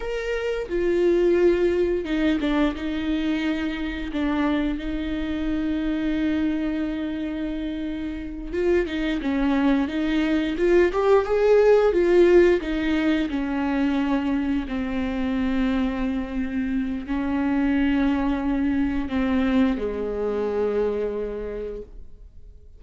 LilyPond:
\new Staff \with { instrumentName = "viola" } { \time 4/4 \tempo 4 = 88 ais'4 f'2 dis'8 d'8 | dis'2 d'4 dis'4~ | dis'1~ | dis'8 f'8 dis'8 cis'4 dis'4 f'8 |
g'8 gis'4 f'4 dis'4 cis'8~ | cis'4. c'2~ c'8~ | c'4 cis'2. | c'4 gis2. | }